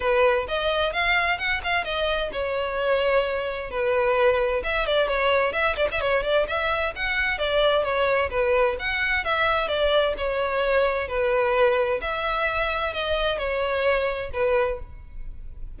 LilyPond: \new Staff \with { instrumentName = "violin" } { \time 4/4 \tempo 4 = 130 b'4 dis''4 f''4 fis''8 f''8 | dis''4 cis''2. | b'2 e''8 d''8 cis''4 | e''8 d''16 e''16 cis''8 d''8 e''4 fis''4 |
d''4 cis''4 b'4 fis''4 | e''4 d''4 cis''2 | b'2 e''2 | dis''4 cis''2 b'4 | }